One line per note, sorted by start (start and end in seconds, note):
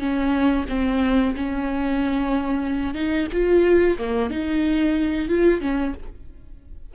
0.00 0.66 C#4
0.69 1.35 C4
1.36 2.95 C#4
2.95 3.28 D#4
3.32 3.98 F4
3.99 4.30 A#3
4.30 5.29 D#4
5.29 5.61 F4
5.61 5.94 C#4